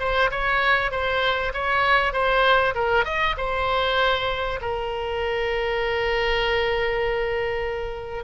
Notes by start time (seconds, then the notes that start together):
0.00 C5
0.31 C#5
0.91 C5
1.54 C#5
2.13 C5
2.75 A#4
3.05 D#5
3.37 C5
4.61 A#4